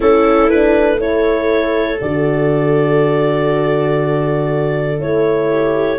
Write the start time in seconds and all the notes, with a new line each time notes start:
0.00 A3 C#4 E4 A4
0.49 D4 B4
0.97 E4 A4 C#5
2.00 D3 F#4 D5
4.99 A3 E4 C#5
5.50 G4